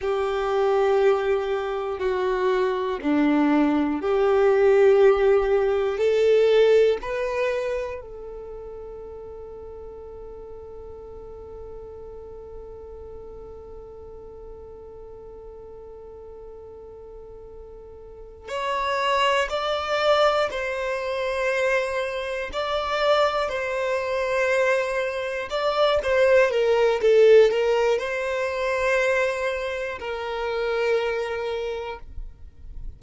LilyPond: \new Staff \with { instrumentName = "violin" } { \time 4/4 \tempo 4 = 60 g'2 fis'4 d'4 | g'2 a'4 b'4 | a'1~ | a'1~ |
a'2~ a'8 cis''4 d''8~ | d''8 c''2 d''4 c''8~ | c''4. d''8 c''8 ais'8 a'8 ais'8 | c''2 ais'2 | }